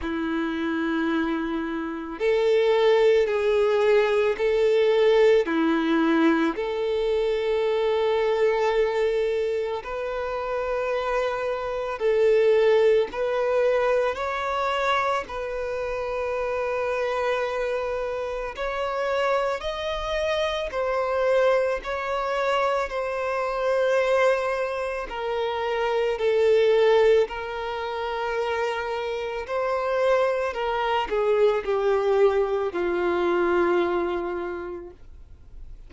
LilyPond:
\new Staff \with { instrumentName = "violin" } { \time 4/4 \tempo 4 = 55 e'2 a'4 gis'4 | a'4 e'4 a'2~ | a'4 b'2 a'4 | b'4 cis''4 b'2~ |
b'4 cis''4 dis''4 c''4 | cis''4 c''2 ais'4 | a'4 ais'2 c''4 | ais'8 gis'8 g'4 f'2 | }